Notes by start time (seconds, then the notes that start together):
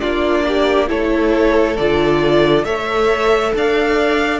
0.00 A#3 D4 F4 D5
0.47 G4
0.87 A3 E4 A4 C#5
1.77 D3 F4 D5
2.64 A3 A4 C#5 E5
3.54 D4 D5 F5